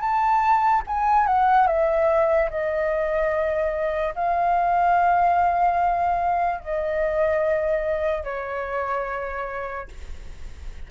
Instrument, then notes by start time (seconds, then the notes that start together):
flute
0.00 A5
0.87 G#5
1.26 F#5
1.67 E5
2.50 D#5
4.15 F5
6.59 D#5
8.24 C#5